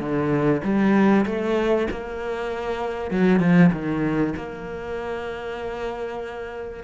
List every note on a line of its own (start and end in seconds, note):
0.00 0.62 D3
0.64 1.25 G3
1.26 1.88 A3
1.91 3.11 A#3
3.11 3.40 F#3
3.40 3.71 F3
3.72 4.34 D#3
4.37 6.84 A#3